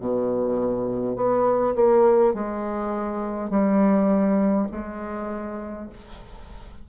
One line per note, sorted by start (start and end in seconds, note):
0.00 1.16 B2
1.16 1.75 B3
1.75 2.34 A#3
2.34 3.50 G#3
3.50 4.67 G3
4.72 5.89 G#3